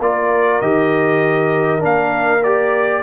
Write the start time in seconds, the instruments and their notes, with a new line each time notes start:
0.00 tuba A#3, trombone F4, horn A#4, trumpet D5
0.61 tuba D#3, trombone G4, trumpet D#5
1.79 tuba A#3, trombone D4, trumpet F5
2.43 trombone G4, trumpet D5